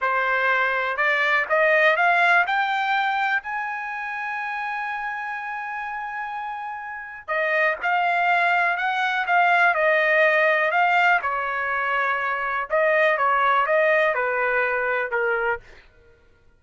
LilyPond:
\new Staff \with { instrumentName = "trumpet" } { \time 4/4 \tempo 4 = 123 c''2 d''4 dis''4 | f''4 g''2 gis''4~ | gis''1~ | gis''2. dis''4 |
f''2 fis''4 f''4 | dis''2 f''4 cis''4~ | cis''2 dis''4 cis''4 | dis''4 b'2 ais'4 | }